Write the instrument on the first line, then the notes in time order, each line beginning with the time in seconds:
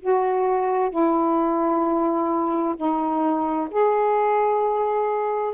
saxophone
0.00 F#4
0.90 E4
2.76 D#4
3.70 G#4